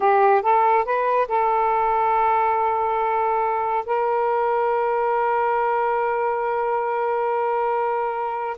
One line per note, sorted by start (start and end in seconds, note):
0.00 0.42 G4
0.42 0.84 A4
0.84 1.27 B4
1.28 3.85 A4
3.85 8.57 A#4